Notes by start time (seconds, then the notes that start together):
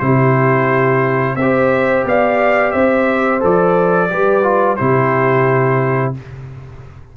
0.00 C3 E4 G4 C5
1.36 C4 G4 C5 E5
2.06 B3 D5 F5
2.72 C4 C5 E5
3.41 F3 A4 D5
4.10 G3 G4 B4
4.43 F4
4.77 C3 E4 G4 C5